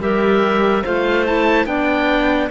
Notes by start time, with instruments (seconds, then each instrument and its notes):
0.00 cello G3, clarinet G4 A#4, oboe E5
0.83 cello A3, clarinet F4 C5, oboe F5
1.26 clarinet E4, oboe A5
1.66 cello B3, clarinet D4 D5, oboe G5